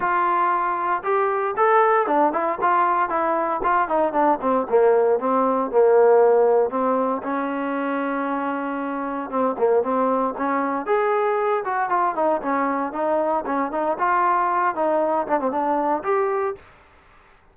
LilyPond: \new Staff \with { instrumentName = "trombone" } { \time 4/4 \tempo 4 = 116 f'2 g'4 a'4 | d'8 e'8 f'4 e'4 f'8 dis'8 | d'8 c'8 ais4 c'4 ais4~ | ais4 c'4 cis'2~ |
cis'2 c'8 ais8 c'4 | cis'4 gis'4. fis'8 f'8 dis'8 | cis'4 dis'4 cis'8 dis'8 f'4~ | f'8 dis'4 d'16 c'16 d'4 g'4 | }